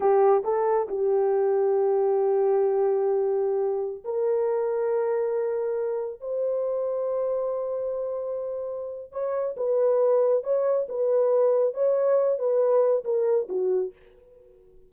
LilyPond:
\new Staff \with { instrumentName = "horn" } { \time 4/4 \tempo 4 = 138 g'4 a'4 g'2~ | g'1~ | g'4~ g'16 ais'2~ ais'8.~ | ais'2~ ais'16 c''4.~ c''16~ |
c''1~ | c''4 cis''4 b'2 | cis''4 b'2 cis''4~ | cis''8 b'4. ais'4 fis'4 | }